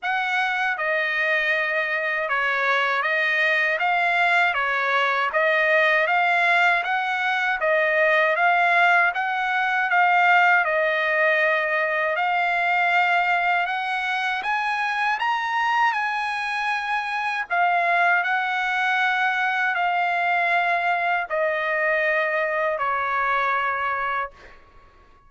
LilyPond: \new Staff \with { instrumentName = "trumpet" } { \time 4/4 \tempo 4 = 79 fis''4 dis''2 cis''4 | dis''4 f''4 cis''4 dis''4 | f''4 fis''4 dis''4 f''4 | fis''4 f''4 dis''2 |
f''2 fis''4 gis''4 | ais''4 gis''2 f''4 | fis''2 f''2 | dis''2 cis''2 | }